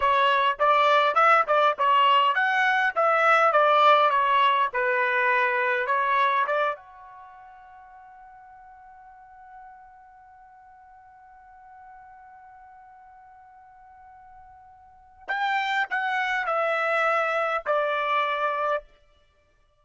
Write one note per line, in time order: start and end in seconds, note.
0.00 0.57 C#5
0.59 1.14 D5
1.14 1.44 E5
1.47 1.76 D5
1.78 2.34 C#5
2.34 2.93 F#5
2.95 3.52 E5
3.52 4.10 D5
4.10 4.68 C#5
4.73 5.86 B4
5.86 6.45 C#5
6.47 6.75 D5
6.75 15.28 F#5
15.28 15.86 G5
15.90 16.46 F#5
16.46 17.64 E5
17.66 18.83 D5